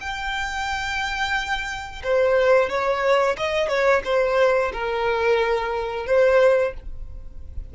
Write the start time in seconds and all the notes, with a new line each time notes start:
0.00 G5
2.03 C5
2.69 C#5
3.37 D#5
3.68 C#5
4.04 C5
4.73 A#4
6.06 C5